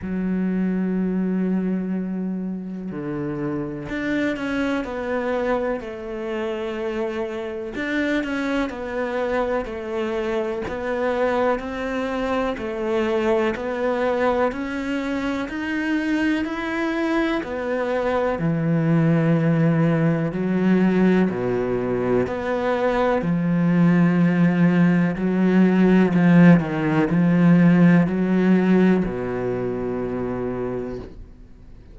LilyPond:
\new Staff \with { instrumentName = "cello" } { \time 4/4 \tempo 4 = 62 fis2. d4 | d'8 cis'8 b4 a2 | d'8 cis'8 b4 a4 b4 | c'4 a4 b4 cis'4 |
dis'4 e'4 b4 e4~ | e4 fis4 b,4 b4 | f2 fis4 f8 dis8 | f4 fis4 b,2 | }